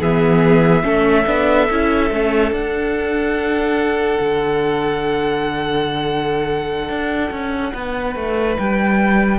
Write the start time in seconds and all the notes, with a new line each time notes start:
0.00 E3 B3 G#4 E5
0.84 A3 C#4 A4
1.27 B3 D4
1.71 C#4 E4
2.11 A3 C#4
2.52 D4 F#5
4.20 D3
6.89 D4
7.31 C#4
7.74 B3 B4
8.16 A3
8.58 G3 G5